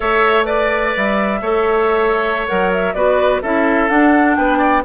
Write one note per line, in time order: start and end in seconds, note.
0.00 0.95 A3
0.00 0.44 A4
0.00 0.46 C#5
0.00 0.44 E5
0.44 1.38 B4
0.44 0.92 D5
0.44 1.40 D5
0.96 1.41 G3
0.96 2.47 E5
1.41 2.47 A3
1.41 2.47 A4
1.41 2.94 C#5
2.47 2.94 F#3
2.47 2.94 A#4
2.47 2.71 F#5
2.72 2.93 E5
2.93 3.41 B3
2.93 3.42 F#4
2.93 3.42 B4
2.93 3.41 D5
3.42 3.89 C#4
3.42 3.89 E4
3.42 4.36 A4
3.42 3.89 E5
3.89 4.83 D4
3.89 4.37 D4
3.89 4.36 F#5
4.36 4.84 B3
4.36 4.58 B4
4.36 4.83 G5
4.58 4.81 D5